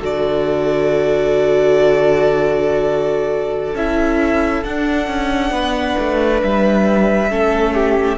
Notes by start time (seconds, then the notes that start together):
0.00 D3 F#4 A4 D5
3.75 C#4 E4 E5
4.64 D4 F#5
5.08 C#4
5.51 B3 B4
5.99 A3
6.43 G3 E5
7.30 A3 C#4 A4
7.75 G4